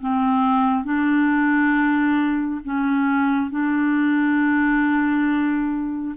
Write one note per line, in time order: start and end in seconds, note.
0.00 0.84 C4
0.84 2.61 D4
2.64 3.50 C#4
3.50 6.15 D4